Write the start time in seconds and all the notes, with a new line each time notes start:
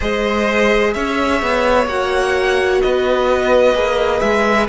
0.00 G#3 G#4 C5 D#5
0.93 C#4 C#5 E5
1.42 B3
1.86 A#3 F#4 F#5
2.81 B3 B4 D#5
3.73 A#3 G#4
4.19 G#3 E5